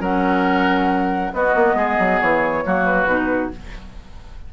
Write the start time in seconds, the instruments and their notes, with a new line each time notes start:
0.00 bassoon F#3, clarinet C#4, oboe A#4, flute F#5
1.33 bassoon B3, clarinet B3, oboe F#4, flute D#5
1.54 bassoon A#3
1.74 bassoon G#3, oboe G#4
1.98 bassoon F#3
2.20 bassoon E3, flute C#5
2.64 bassoon F#3, clarinet A#3, oboe F#4
2.84 flute B4
3.06 bassoon B2, clarinet D#4